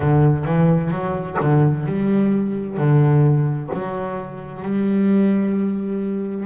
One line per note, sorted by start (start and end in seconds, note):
0.00 0.44 D3
0.44 0.91 E3
0.91 1.37 F#3
1.39 1.85 D3
1.86 2.77 G3
2.77 3.69 D3
3.73 4.62 F#3
4.62 6.45 G3